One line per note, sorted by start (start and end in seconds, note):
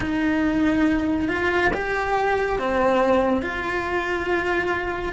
0.00 1.28 D#4
1.28 1.71 F4
1.73 2.59 G4
2.59 3.42 C4
3.42 5.13 F4